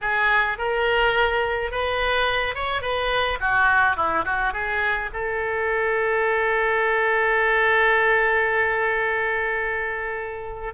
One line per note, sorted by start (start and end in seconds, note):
0.01 0.58 G#4
0.58 1.71 A#4
1.71 2.54 B4
2.54 2.81 C#5
2.81 3.38 B4
3.40 3.96 F#4
3.96 4.24 E4
4.25 4.53 F#4
4.53 5.09 G#4
5.13 10.73 A4